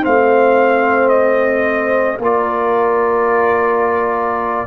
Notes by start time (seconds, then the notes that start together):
0.00 A3 C4 C5 F5
1.09 D#5
2.19 A#3 F4 A#4 D5